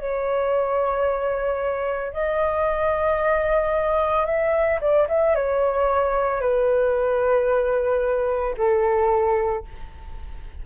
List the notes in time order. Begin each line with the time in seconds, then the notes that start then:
0.00 C#5
2.13 D#5
4.26 E5
4.81 D5
5.08 E5
5.36 C#5
6.41 B4
8.58 A4